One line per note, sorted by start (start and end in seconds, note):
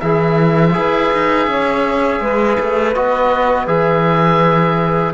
0.00 0.75 E3
0.00 0.73 E4
0.00 0.74 G#4
0.00 2.93 E5
0.73 1.12 E4
0.73 2.92 G#4
0.73 1.49 B4
1.13 1.47 D#4
1.47 2.20 C#4
1.47 2.22 C#5
2.20 2.57 G#3
2.20 5.14 B4
2.60 2.96 A3
2.95 3.67 B3
2.95 3.67 F#4
2.95 3.67 D#5
3.67 5.13 E3
3.67 5.13 G#4
3.67 5.14 E5